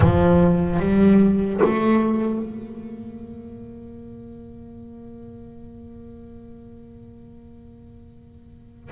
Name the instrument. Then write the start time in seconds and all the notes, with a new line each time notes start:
double bass
0.00 F3
0.79 G3
1.63 A3
2.41 A#3